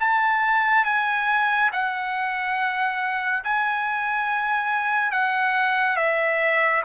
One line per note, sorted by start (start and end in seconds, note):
0.00 0.85 A5
0.85 1.70 G#5
1.72 3.44 F#5
3.44 5.12 G#5
5.12 5.96 F#5
5.96 6.82 E5